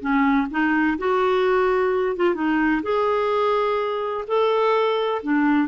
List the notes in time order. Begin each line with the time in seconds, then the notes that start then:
0.00 C#4
0.50 D#4
0.98 F#4
2.16 F4
2.35 D#4
2.83 G#4
4.27 A4
5.22 D4